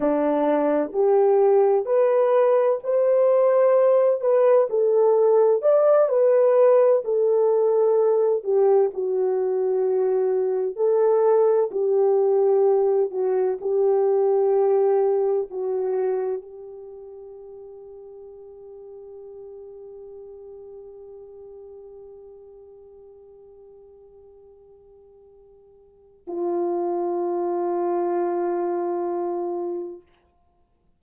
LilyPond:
\new Staff \with { instrumentName = "horn" } { \time 4/4 \tempo 4 = 64 d'4 g'4 b'4 c''4~ | c''8 b'8 a'4 d''8 b'4 a'8~ | a'4 g'8 fis'2 a'8~ | a'8 g'4. fis'8 g'4.~ |
g'8 fis'4 g'2~ g'8~ | g'1~ | g'1 | f'1 | }